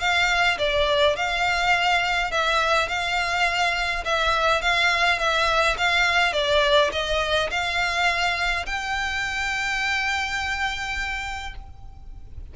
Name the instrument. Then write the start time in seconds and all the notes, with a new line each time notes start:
violin
0.00 F5
0.58 D5
1.16 F5
2.31 E5
2.88 F5
4.04 E5
4.61 F5
5.18 E5
5.77 F5
6.33 D5
6.92 D#5
7.50 F5
8.66 G5